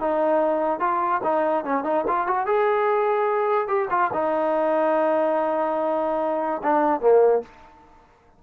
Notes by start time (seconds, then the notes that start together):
0.00 D#4
0.80 F4
1.24 D#4
1.65 C#4
1.84 D#4
2.08 F4
2.27 F#4
2.46 G#4
3.68 G4
3.90 F4
4.14 D#4
6.63 D4
7.01 A#3